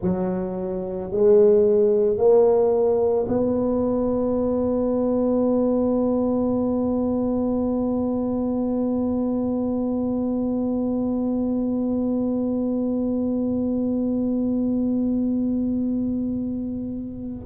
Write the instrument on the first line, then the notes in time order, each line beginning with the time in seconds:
tuba
0.01 F#3
1.11 G#3
2.17 A#3
3.27 B3